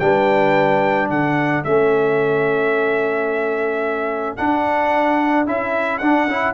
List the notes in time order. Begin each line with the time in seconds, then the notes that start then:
0.00 G3 D4 B4 G5
1.10 D3 A4 F#5
1.64 A3 C#4 E5
4.37 D4 F#5
5.47 C#4 E4 E5
5.99 D4 F#5
6.27 C#4 E4